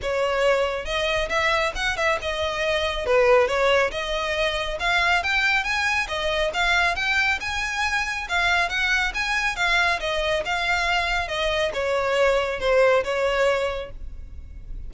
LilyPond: \new Staff \with { instrumentName = "violin" } { \time 4/4 \tempo 4 = 138 cis''2 dis''4 e''4 | fis''8 e''8 dis''2 b'4 | cis''4 dis''2 f''4 | g''4 gis''4 dis''4 f''4 |
g''4 gis''2 f''4 | fis''4 gis''4 f''4 dis''4 | f''2 dis''4 cis''4~ | cis''4 c''4 cis''2 | }